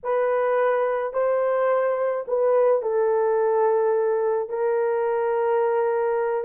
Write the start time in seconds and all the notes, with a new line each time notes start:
0.03 B4
1.13 C5
2.27 B4
2.82 A4
4.49 A#4